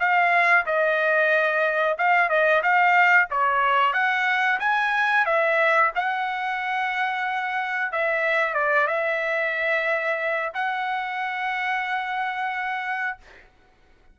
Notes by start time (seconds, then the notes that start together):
0.00 F5
0.66 D#5
1.98 F5
2.29 D#5
2.63 F5
3.31 C#5
3.94 F#5
4.60 G#5
5.26 E5
5.96 F#5
7.92 E5
8.54 D5
8.88 E5
10.54 F#5